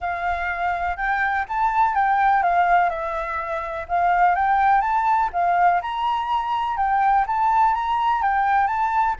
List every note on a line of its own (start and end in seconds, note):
0.00 0.96 F5
0.96 1.45 G5
1.48 1.95 A5
1.95 2.42 G5
2.42 2.89 F5
2.89 3.86 E5
3.88 4.35 F5
4.35 4.81 G5
4.81 5.29 A5
5.32 5.81 F5
5.81 6.77 A#5
6.77 7.25 G5
7.26 7.74 A5
7.74 8.22 A#5
8.22 8.67 G5
8.67 9.15 A5